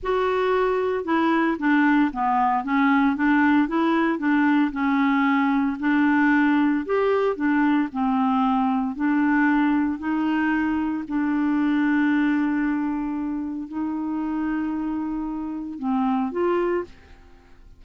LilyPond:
\new Staff \with { instrumentName = "clarinet" } { \time 4/4 \tempo 4 = 114 fis'2 e'4 d'4 | b4 cis'4 d'4 e'4 | d'4 cis'2 d'4~ | d'4 g'4 d'4 c'4~ |
c'4 d'2 dis'4~ | dis'4 d'2.~ | d'2 dis'2~ | dis'2 c'4 f'4 | }